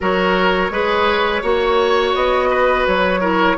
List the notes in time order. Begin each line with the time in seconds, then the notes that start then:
0.00 F#3 F#4 A#4 C#5
0.70 G#3 G#4 B4
1.42 A#3 F#4 C#5
2.14 B3 D#5
2.49 B4
2.87 F#3 C#5
3.20 E4 A#4